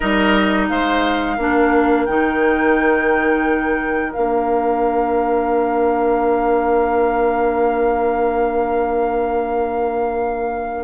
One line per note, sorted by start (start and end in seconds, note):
0.00 0.70 G3
0.00 1.39 D#4
0.00 0.66 A#4
0.00 0.67 D#5
0.68 1.38 G#3
0.68 1.36 C5
0.68 2.05 F5
1.36 2.07 A#3
1.36 2.08 D4
1.36 10.84 A#4
2.05 4.15 D#3
2.05 4.12 D#4
2.05 4.12 G5
4.12 10.84 A#3
4.12 10.84 D4
4.12 10.84 F5